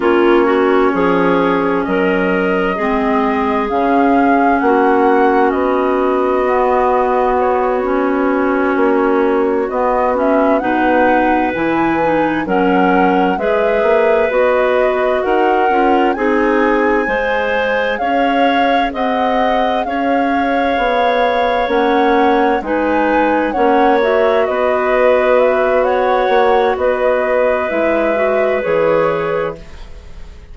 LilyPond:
<<
  \new Staff \with { instrumentName = "flute" } { \time 4/4 \tempo 4 = 65 cis''2 dis''2 | f''4 fis''4 dis''2 | cis''2~ cis''8 dis''8 e''8 fis''8~ | fis''8 gis''4 fis''4 e''4 dis''8~ |
dis''8 fis''4 gis''2 f''8~ | f''8 fis''4 f''2 fis''8~ | fis''8 gis''4 fis''8 e''8 dis''4 e''8 | fis''4 dis''4 e''4 cis''4 | }
  \new Staff \with { instrumentName = "clarinet" } { \time 4/4 f'8 fis'8 gis'4 ais'4 gis'4~ | gis'4 fis'2.~ | fis'2.~ fis'8 b'8~ | b'4. ais'4 b'4.~ |
b'8 ais'4 gis'4 c''4 cis''8~ | cis''8 dis''4 cis''2~ cis''8~ | cis''8 b'4 cis''4 b'4. | cis''4 b'2. | }
  \new Staff \with { instrumentName = "clarinet" } { \time 4/4 cis'2. c'4 | cis'2. b4~ | b8 cis'2 b8 cis'8 dis'8~ | dis'8 e'8 dis'8 cis'4 gis'4 fis'8~ |
fis'4 f'8 dis'4 gis'4.~ | gis'2.~ gis'8 cis'8~ | cis'8 dis'4 cis'8 fis'2~ | fis'2 e'8 fis'8 gis'4 | }
  \new Staff \with { instrumentName = "bassoon" } { \time 4/4 ais4 f4 fis4 gis4 | cis4 ais4 b2~ | b4. ais4 b4 b,8~ | b,8 e4 fis4 gis8 ais8 b8~ |
b8 dis'8 cis'8 c'4 gis4 cis'8~ | cis'8 c'4 cis'4 b4 ais8~ | ais8 gis4 ais4 b4.~ | b8 ais8 b4 gis4 e4 | }
>>